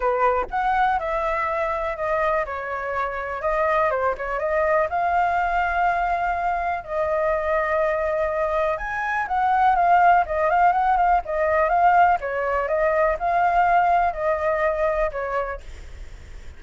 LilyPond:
\new Staff \with { instrumentName = "flute" } { \time 4/4 \tempo 4 = 123 b'4 fis''4 e''2 | dis''4 cis''2 dis''4 | c''8 cis''8 dis''4 f''2~ | f''2 dis''2~ |
dis''2 gis''4 fis''4 | f''4 dis''8 f''8 fis''8 f''8 dis''4 | f''4 cis''4 dis''4 f''4~ | f''4 dis''2 cis''4 | }